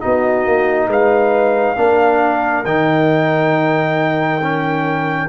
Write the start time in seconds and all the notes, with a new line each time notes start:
0.00 B3 D#4 F#4 D#5
0.46 A#3
0.87 G#3 B4 F5
1.76 A#3 D4 A#4
2.64 D#3 D#4 G5
4.41 C#4